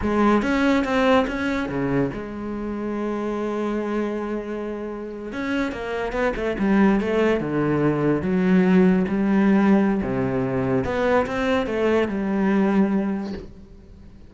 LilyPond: \new Staff \with { instrumentName = "cello" } { \time 4/4 \tempo 4 = 144 gis4 cis'4 c'4 cis'4 | cis4 gis2.~ | gis1~ | gis8. cis'4 ais4 b8 a8 g16~ |
g8. a4 d2 fis16~ | fis4.~ fis16 g2~ g16 | c2 b4 c'4 | a4 g2. | }